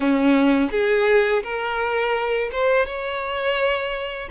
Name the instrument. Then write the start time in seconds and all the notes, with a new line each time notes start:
violin
0.00 C#4
0.71 G#4
1.43 A#4
2.52 C5
2.86 C#5